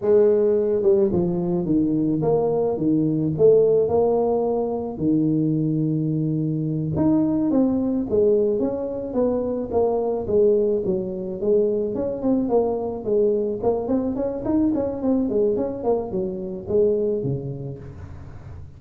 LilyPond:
\new Staff \with { instrumentName = "tuba" } { \time 4/4 \tempo 4 = 108 gis4. g8 f4 dis4 | ais4 dis4 a4 ais4~ | ais4 dis2.~ | dis8 dis'4 c'4 gis4 cis'8~ |
cis'8 b4 ais4 gis4 fis8~ | fis8 gis4 cis'8 c'8 ais4 gis8~ | gis8 ais8 c'8 cis'8 dis'8 cis'8 c'8 gis8 | cis'8 ais8 fis4 gis4 cis4 | }